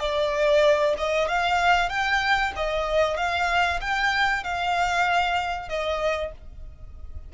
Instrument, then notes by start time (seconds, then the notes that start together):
violin
0.00 D5
0.98 D#5
1.29 F5
1.90 G5
2.56 D#5
3.17 F5
3.81 G5
4.44 F5
5.69 D#5